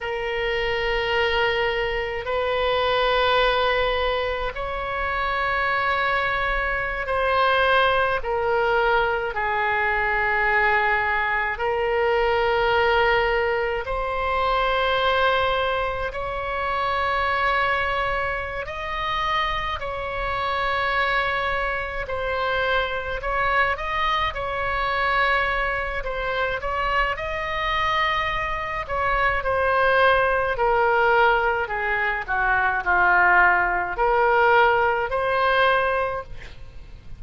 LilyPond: \new Staff \with { instrumentName = "oboe" } { \time 4/4 \tempo 4 = 53 ais'2 b'2 | cis''2~ cis''16 c''4 ais'8.~ | ais'16 gis'2 ais'4.~ ais'16~ | ais'16 c''2 cis''4.~ cis''16~ |
cis''8 dis''4 cis''2 c''8~ | c''8 cis''8 dis''8 cis''4. c''8 cis''8 | dis''4. cis''8 c''4 ais'4 | gis'8 fis'8 f'4 ais'4 c''4 | }